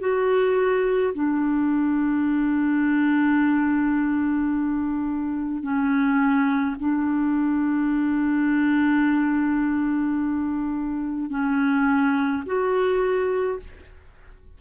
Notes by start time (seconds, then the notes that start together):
0.00 F#4
1.14 D4
5.63 C#4
6.79 D4
11.30 C#4
12.46 F#4